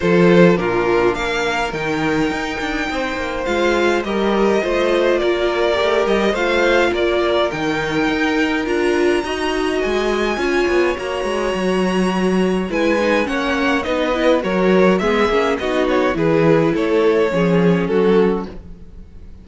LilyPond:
<<
  \new Staff \with { instrumentName = "violin" } { \time 4/4 \tempo 4 = 104 c''4 ais'4 f''4 g''4~ | g''2 f''4 dis''4~ | dis''4 d''4. dis''8 f''4 | d''4 g''2 ais''4~ |
ais''4 gis''2 ais''4~ | ais''2 gis''4 fis''4 | dis''4 cis''4 e''4 dis''8 cis''8 | b'4 cis''2 a'4 | }
  \new Staff \with { instrumentName = "violin" } { \time 4/4 a'4 f'4 ais'2~ | ais'4 c''2 ais'4 | c''4 ais'2 c''4 | ais'1 |
dis''2 cis''2~ | cis''2 b'4 cis''4 | b'4 ais'4 gis'4 fis'4 | gis'4 a'4 gis'4 fis'4 | }
  \new Staff \with { instrumentName = "viola" } { \time 4/4 f'4 d'2 dis'4~ | dis'2 f'4 g'4 | f'2 g'4 f'4~ | f'4 dis'2 f'4 |
fis'2 f'4 fis'4~ | fis'2 e'8 dis'8 cis'4 | dis'8 e'8 fis'4 b8 cis'8 dis'4 | e'2 cis'2 | }
  \new Staff \with { instrumentName = "cello" } { \time 4/4 f4 ais,4 ais4 dis4 | dis'8 d'8 c'8 ais8 gis4 g4 | a4 ais4 a8 g8 a4 | ais4 dis4 dis'4 d'4 |
dis'4 gis4 cis'8 b8 ais8 gis8 | fis2 gis4 ais4 | b4 fis4 gis8 ais8 b4 | e4 a4 f4 fis4 | }
>>